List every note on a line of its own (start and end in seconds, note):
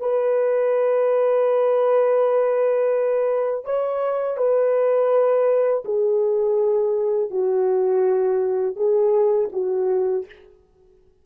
0.00 3.65 B4
3.65 4.37 C#5
4.37 5.83 B4
5.85 7.30 G#4
7.30 8.76 F#4
8.76 9.49 G#4
9.52 10.25 F#4